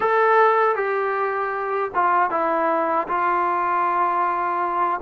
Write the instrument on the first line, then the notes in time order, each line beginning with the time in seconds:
trombone
0.00 A4
0.75 G4
1.94 F4
2.30 E4
3.08 F4